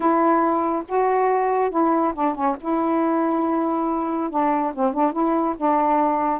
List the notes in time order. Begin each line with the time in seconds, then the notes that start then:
0.00 E4
0.88 F#4
1.70 E4
2.14 D4
2.34 C#4
2.60 E4
4.30 D4
4.74 C4
4.93 D4
5.12 E4
5.57 D4